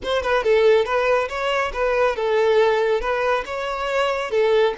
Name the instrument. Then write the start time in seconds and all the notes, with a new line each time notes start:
violin
0.03 C5
0.22 B4
0.43 A4
0.85 B4
1.28 C#5
1.73 B4
2.15 A4
3.00 B4
3.45 C#5
4.30 A4